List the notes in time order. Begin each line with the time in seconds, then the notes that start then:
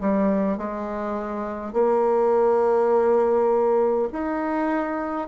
0.00 G3
0.57 G#3
1.73 A#3
4.12 D#4